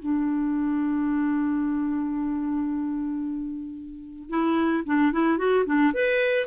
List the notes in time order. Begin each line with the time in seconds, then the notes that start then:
0.00 D4
4.30 E4
4.86 D4
5.13 E4
5.38 F#4
5.66 D4
5.94 B4